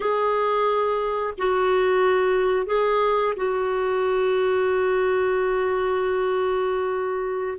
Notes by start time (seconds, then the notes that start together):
0.00 G#4
1.38 F#4
2.66 G#4
3.36 F#4